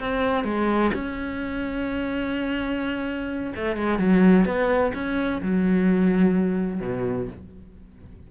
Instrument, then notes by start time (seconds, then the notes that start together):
cello
0.00 C4
0.44 G#3
0.94 C#4
3.56 A3
3.77 G#3
3.99 F#3
4.46 B3
4.95 C#4
5.42 F#3
6.81 B2